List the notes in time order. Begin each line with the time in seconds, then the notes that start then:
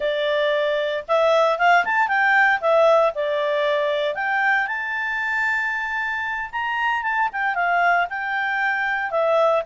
0.00 D5
1.08 E5
1.58 F5
1.84 A5
2.08 G5
2.60 E5
3.14 D5
4.15 G5
4.67 A5
6.51 A#5
7.02 A5
7.32 G5
7.54 F5
8.09 G5
9.10 E5